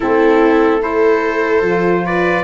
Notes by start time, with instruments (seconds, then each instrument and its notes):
0.00 tuba A3, saxophone C4, viola E4, trumpet A4
0.80 saxophone E4, viola A4, trumpet C5
1.61 tuba F3, saxophone F4
2.05 viola B4, trumpet D5